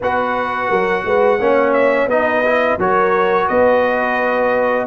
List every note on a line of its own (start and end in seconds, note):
0.00 0.70 B3
0.00 1.40 F#4
0.00 0.68 B4
0.00 1.73 F#5
0.69 1.04 F#3
0.69 1.04 A#4
1.04 1.39 G#3
1.04 1.39 B4
1.39 2.07 A#3
1.39 2.09 C#4
1.39 2.08 C#5
1.73 2.08 E5
2.07 2.76 B3
2.07 2.44 D#4
2.07 2.78 B4
2.07 2.79 D#5
2.45 2.79 E4
2.78 3.48 F#3
2.78 4.87 F#4
2.78 3.47 A#4
2.78 3.48 C#5
3.47 4.87 B3
3.47 4.86 B4
3.47 4.87 D#5